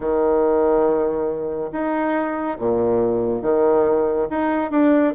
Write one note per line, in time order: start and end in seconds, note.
0.00 1.71 D#3
1.71 2.57 D#4
2.58 3.42 A#2
3.42 4.27 D#3
4.29 4.70 D#4
4.70 5.13 D4